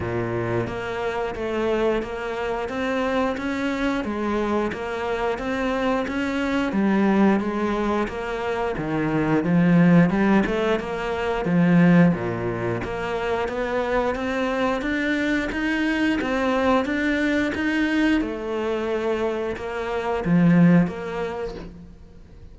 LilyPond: \new Staff \with { instrumentName = "cello" } { \time 4/4 \tempo 4 = 89 ais,4 ais4 a4 ais4 | c'4 cis'4 gis4 ais4 | c'4 cis'4 g4 gis4 | ais4 dis4 f4 g8 a8 |
ais4 f4 ais,4 ais4 | b4 c'4 d'4 dis'4 | c'4 d'4 dis'4 a4~ | a4 ais4 f4 ais4 | }